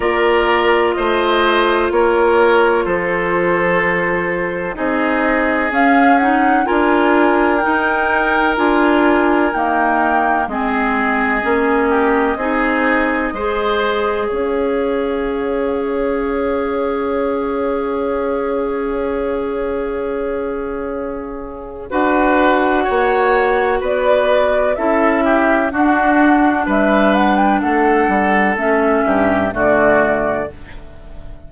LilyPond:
<<
  \new Staff \with { instrumentName = "flute" } { \time 4/4 \tempo 4 = 63 d''4 dis''4 cis''4 c''4~ | c''4 dis''4 f''8 fis''8 gis''4 | g''4 gis''4 g''4 dis''4~ | dis''2. f''4~ |
f''1~ | f''2. fis''4~ | fis''4 d''4 e''4 fis''4 | e''8 fis''16 g''16 fis''4 e''4 d''4 | }
  \new Staff \with { instrumentName = "oboe" } { \time 4/4 ais'4 c''4 ais'4 a'4~ | a'4 gis'2 ais'4~ | ais'2. gis'4~ | gis'8 g'8 gis'4 c''4 cis''4~ |
cis''1~ | cis''2. b'4 | cis''4 b'4 a'8 g'8 fis'4 | b'4 a'4. g'8 fis'4 | }
  \new Staff \with { instrumentName = "clarinet" } { \time 4/4 f'1~ | f'4 dis'4 cis'8 dis'8 f'4 | dis'4 f'4 ais4 c'4 | cis'4 dis'4 gis'2~ |
gis'1~ | gis'2. fis'4~ | fis'2 e'4 d'4~ | d'2 cis'4 a4 | }
  \new Staff \with { instrumentName = "bassoon" } { \time 4/4 ais4 a4 ais4 f4~ | f4 c'4 cis'4 d'4 | dis'4 d'4 dis'4 gis4 | ais4 c'4 gis4 cis'4~ |
cis'1~ | cis'2. d'4 | ais4 b4 cis'4 d'4 | g4 a8 g8 a8 g,8 d4 | }
>>